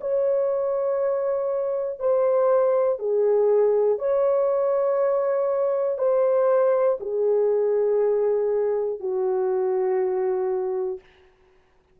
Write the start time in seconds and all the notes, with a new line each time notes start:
0.00 C#5
1.99 C5
2.99 G#4
3.98 C#5
5.98 C5
7.00 G#4
9.00 F#4